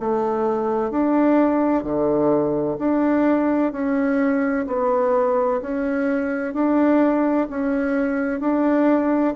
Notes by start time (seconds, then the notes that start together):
0.00 A3
0.91 D4
1.83 D3
2.79 D4
3.72 C#4
4.67 B3
5.62 C#4
6.54 D4
7.50 C#4
8.40 D4